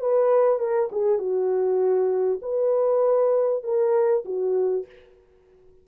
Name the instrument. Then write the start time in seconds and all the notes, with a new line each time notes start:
horn
0.00 B4
0.59 A#4
0.92 G#4
1.19 F#4
2.42 B4
3.64 A#4
4.25 F#4